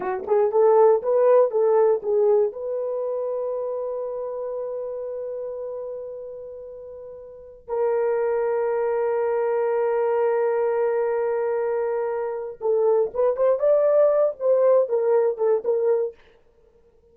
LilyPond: \new Staff \with { instrumentName = "horn" } { \time 4/4 \tempo 4 = 119 fis'8 gis'8 a'4 b'4 a'4 | gis'4 b'2.~ | b'1~ | b'2.~ b'16 ais'8.~ |
ais'1~ | ais'1~ | ais'4 a'4 b'8 c''8 d''4~ | d''8 c''4 ais'4 a'8 ais'4 | }